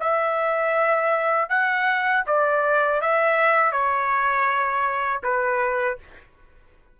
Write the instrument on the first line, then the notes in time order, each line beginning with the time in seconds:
trumpet
0.00 E5
1.50 F#5
2.27 D5
3.01 E5
3.72 C#5
5.24 B4